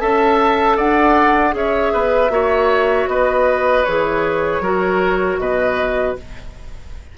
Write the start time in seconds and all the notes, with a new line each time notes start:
0.00 C#4 A4 E5 A5
0.77 D4 D5 F#5
1.51 C#4 G#4 C#5 E5
1.93 B3 B4
2.30 A#3 F#4 C#5
3.07 B3 B4 D#5
3.84 E3 G#4 C#5
4.60 F#3 F#4 A#4
5.38 B2 B4 D#5